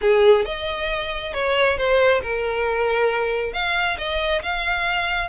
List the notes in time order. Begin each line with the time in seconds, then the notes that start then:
0.01 G#4
0.45 D#5
1.33 C#5
1.77 C5
2.22 A#4
3.53 F5
3.97 D#5
4.42 F5